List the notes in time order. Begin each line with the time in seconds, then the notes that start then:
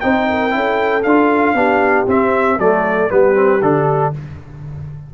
0.00 C4 D#4 C5 G5
0.29 A#4
0.50 C#4 E4
0.56 A4
1.03 D4 F4 F5
1.54 B3 D4 G4
2.07 C4 E5
2.58 F#3 A3 A4 D5
3.09 G3 B3 G4 B4
3.34 C4
3.62 D3 D4 A4